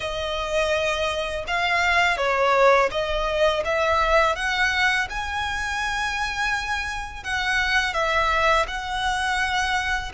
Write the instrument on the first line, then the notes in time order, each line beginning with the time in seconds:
violin
0.00 D#5
1.47 F5
2.17 C#5
2.91 D#5
3.64 E5
4.35 F#5
5.09 G#5
7.23 F#5
7.93 E5
8.67 F#5